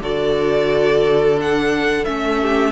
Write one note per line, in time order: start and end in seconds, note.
0.00 2.05 D3
0.00 1.37 F#4
0.00 2.41 A4
0.00 1.40 D5
1.37 2.05 D4
1.37 2.05 F#5
2.05 2.72 A3
2.05 2.72 C#4
2.05 2.72 E5
2.41 2.72 G4